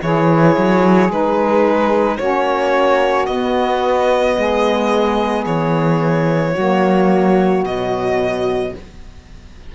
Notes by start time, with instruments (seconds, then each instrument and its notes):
0.00 cello E3, saxophone E4 G#4, violin C#5
0.57 cello F#3
1.09 cello G#3, saxophone D#4, violin B4
2.17 cello A#3, saxophone C#4 F#4, violin C#5
3.26 saxophone B3, cello B3, violin D#5
4.37 cello G#3, saxophone G#4
5.46 cello E3, violin C#5
6.52 saxophone A#3 F#4
6.58 cello F#3
7.63 cello B2, saxophone F#3, violin D#5